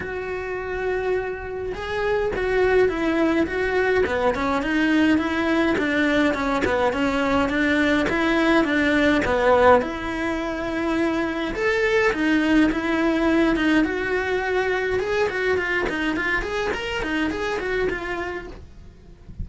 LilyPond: \new Staff \with { instrumentName = "cello" } { \time 4/4 \tempo 4 = 104 fis'2. gis'4 | fis'4 e'4 fis'4 b8 cis'8 | dis'4 e'4 d'4 cis'8 b8 | cis'4 d'4 e'4 d'4 |
b4 e'2. | a'4 dis'4 e'4. dis'8 | fis'2 gis'8 fis'8 f'8 dis'8 | f'8 gis'8 ais'8 dis'8 gis'8 fis'8 f'4 | }